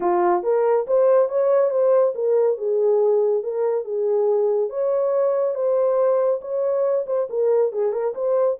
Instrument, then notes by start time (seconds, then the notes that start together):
horn
0.00 F4
0.43 A#4
0.87 C5
1.29 C#5
1.70 C5
2.14 A#4
2.57 G#4
3.43 A#4
3.84 G#4
4.69 C#5
5.54 C5
6.41 C#5
7.06 C5
7.29 A#4
7.72 G#4
7.92 A#4
8.14 C5